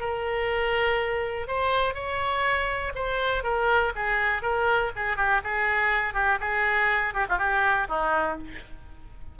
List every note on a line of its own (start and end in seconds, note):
0.00 1.48 A#4
1.48 1.94 C5
1.94 2.93 C#5
2.95 3.44 C5
3.44 3.93 A#4
3.95 4.42 G#4
4.42 4.92 A#4
4.96 5.17 G#4
5.17 5.41 G4
5.44 6.14 G#4
6.14 6.39 G4
6.41 7.14 G#4
7.14 7.27 G4
7.29 7.39 F4
7.39 7.88 G4
7.89 8.38 D#4